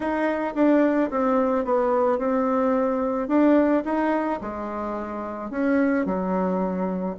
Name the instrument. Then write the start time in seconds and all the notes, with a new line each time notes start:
bassoon
0.00 D#4
0.55 D4
1.10 C4
1.64 B3
2.18 C4
3.28 D4
3.84 D#4
4.41 G#3
5.50 C#4
6.05 F#3